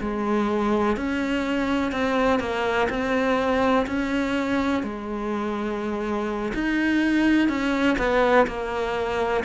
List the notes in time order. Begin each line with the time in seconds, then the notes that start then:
0.00 G#3
0.96 C#4
1.91 C4
2.39 A#3
2.89 C4
3.86 C#4
4.83 G#3
6.54 D#4
7.48 C#4
7.98 B3
8.46 A#3